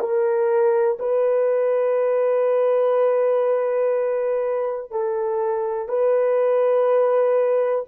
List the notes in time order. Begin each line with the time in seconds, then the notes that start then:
0.00 A#4
1.00 B4
4.92 A4
5.89 B4